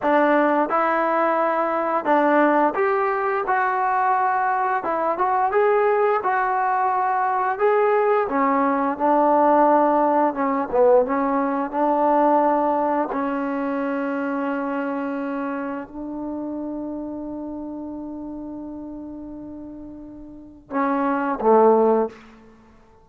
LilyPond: \new Staff \with { instrumentName = "trombone" } { \time 4/4 \tempo 4 = 87 d'4 e'2 d'4 | g'4 fis'2 e'8 fis'8 | gis'4 fis'2 gis'4 | cis'4 d'2 cis'8 b8 |
cis'4 d'2 cis'4~ | cis'2. d'4~ | d'1~ | d'2 cis'4 a4 | }